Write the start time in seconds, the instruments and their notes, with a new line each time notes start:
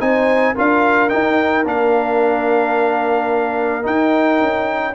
0.00 tuba C4, trombone D#4, horn C5, trumpet G#5
0.55 tuba D4, trombone F4, horn A#4, trumpet F5
1.09 trombone D#4, tuba D#4, trumpet G5
1.65 tuba A#3, trombone D4, trumpet F5
3.83 trombone D#4, tuba D#4, trumpet G5
4.41 tuba C#4